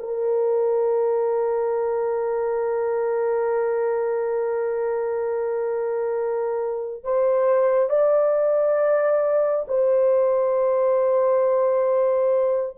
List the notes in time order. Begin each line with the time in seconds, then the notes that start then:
0.00 A#4
7.04 C5
7.90 D5
9.68 C5